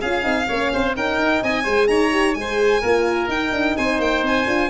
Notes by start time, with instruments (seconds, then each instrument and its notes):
0.00 tuba C#4, horn F4, oboe G#4, violin F5
0.22 tuba C4, horn D#4
0.47 tuba A#3, horn C#4, oboe C#5
0.73 tuba C4, oboe C5
0.94 tuba C#4, horn D#4, oboe A#4, violin G5
1.18 tuba D#4
1.42 tuba C4, oboe D#5, violin G#5
1.63 tuba G#3, horn G#4, oboe C5
1.87 tuba D#4, oboe C#5, violin A#5
2.11 horn G4
2.34 tuba G#3, horn G#4, violin G#5
2.40 oboe C5
2.81 tuba A#3, horn F4, oboe A#4
3.28 tuba D#4, horn D#4, violin G5
3.52 tuba D4
3.77 tuba C4, oboe C5, violin G#5
3.99 tuba A#3, violin G5
4.22 tuba C4, violin G#5
4.46 tuba D4, horn F4